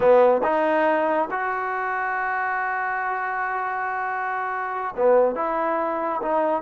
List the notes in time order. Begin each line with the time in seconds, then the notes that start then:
0.00 B3
0.43 D#4
1.30 F#4
4.96 B3
5.35 E4
6.21 D#4